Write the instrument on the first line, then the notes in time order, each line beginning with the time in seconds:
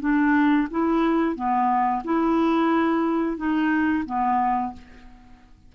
clarinet
0.00 D4
0.70 E4
1.35 B3
2.04 E4
3.37 D#4
4.05 B3